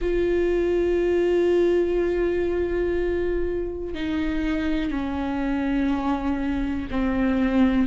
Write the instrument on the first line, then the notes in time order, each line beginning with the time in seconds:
viola
0.00 F4
3.94 D#4
4.90 C#4
6.90 C4